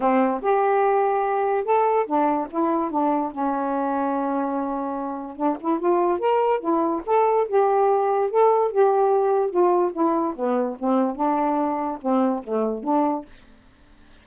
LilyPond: \new Staff \with { instrumentName = "saxophone" } { \time 4/4 \tempo 4 = 145 c'4 g'2. | a'4 d'4 e'4 d'4 | cis'1~ | cis'4 d'8 e'8 f'4 ais'4 |
e'4 a'4 g'2 | a'4 g'2 f'4 | e'4 b4 c'4 d'4~ | d'4 c'4 a4 d'4 | }